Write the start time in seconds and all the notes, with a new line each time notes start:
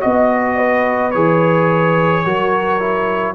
0.00 B3 F#4 D#5
0.57 B4
1.10 E3 G#4 C#5
2.25 F#3 F#4 A#4
2.79 E4